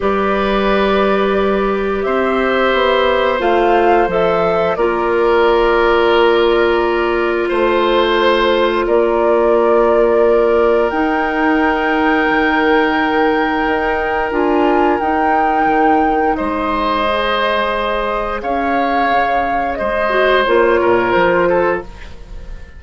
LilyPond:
<<
  \new Staff \with { instrumentName = "flute" } { \time 4/4 \tempo 4 = 88 d''2. e''4~ | e''4 f''4 e''4 d''4~ | d''2. c''4~ | c''4 d''2. |
g''1~ | g''4 gis''4 g''2 | dis''2. f''4~ | f''4 dis''4 cis''4 c''4 | }
  \new Staff \with { instrumentName = "oboe" } { \time 4/4 b'2. c''4~ | c''2. ais'4~ | ais'2. c''4~ | c''4 ais'2.~ |
ais'1~ | ais'1 | c''2. cis''4~ | cis''4 c''4. ais'4 a'8 | }
  \new Staff \with { instrumentName = "clarinet" } { \time 4/4 g'1~ | g'4 f'4 a'4 f'4~ | f'1~ | f'1 |
dis'1~ | dis'4 f'4 dis'2~ | dis'4 gis'2.~ | gis'4. fis'8 f'2 | }
  \new Staff \with { instrumentName = "bassoon" } { \time 4/4 g2. c'4 | b4 a4 f4 ais4~ | ais2. a4~ | a4 ais2. |
dis'2 dis2 | dis'4 d'4 dis'4 dis4 | gis2. cis'4 | cis4 gis4 ais8 ais,8 f4 | }
>>